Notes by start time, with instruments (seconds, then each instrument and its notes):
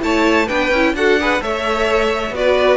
0.00 cello A3, viola E4, violin C#5 A5
0.46 cello B3, viola D4, violin B4 G5
0.70 cello C#4, viola E4
0.94 cello D4, viola F#4, violin A4 F#5
1.20 viola G#4, violin B4
1.39 cello A3, viola A4, violin C#5 E5
2.30 cello B3, viola F#4, violin D5
2.37 violin B4